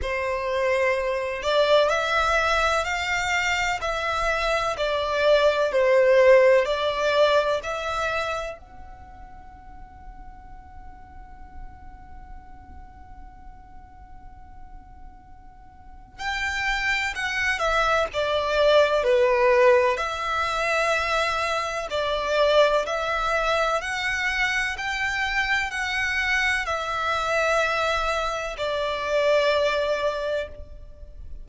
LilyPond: \new Staff \with { instrumentName = "violin" } { \time 4/4 \tempo 4 = 63 c''4. d''8 e''4 f''4 | e''4 d''4 c''4 d''4 | e''4 fis''2.~ | fis''1~ |
fis''4 g''4 fis''8 e''8 d''4 | b'4 e''2 d''4 | e''4 fis''4 g''4 fis''4 | e''2 d''2 | }